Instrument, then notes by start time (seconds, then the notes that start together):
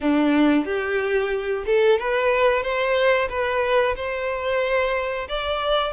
violin
0.00 D4
0.65 G4
1.66 A4
1.98 B4
2.62 C5
3.29 B4
3.96 C5
5.28 D5